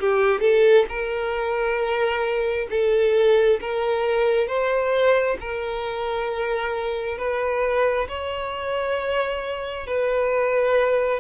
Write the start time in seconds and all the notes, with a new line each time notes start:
0.00 G4
0.41 A4
0.89 A#4
2.70 A4
3.61 A#4
4.48 C5
5.40 A#4
7.18 B4
8.08 C#5
9.87 B4